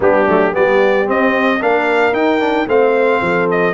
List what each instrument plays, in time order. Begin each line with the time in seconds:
0.00 tuba G3, trombone B3, horn D4, trumpet G4
0.26 tuba F#3, trombone A3
0.51 tuba G3, trombone B3, horn G4, trumpet D5
1.05 trombone C4, tuba C4, trumpet D#5
1.60 tuba A#3, trombone D4, horn A#4, trumpet F5
2.12 tuba D#4, trombone D#4, trumpet G5
2.40 trombone D4
2.67 tuba A3, trombone C4, horn C5, trumpet F5
3.21 tuba F3, horn A4
3.50 trumpet D#5